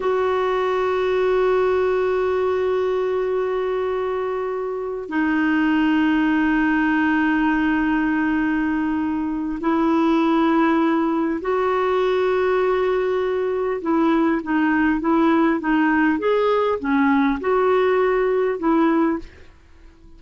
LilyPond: \new Staff \with { instrumentName = "clarinet" } { \time 4/4 \tempo 4 = 100 fis'1~ | fis'1~ | fis'8 dis'2.~ dis'8~ | dis'1 |
e'2. fis'4~ | fis'2. e'4 | dis'4 e'4 dis'4 gis'4 | cis'4 fis'2 e'4 | }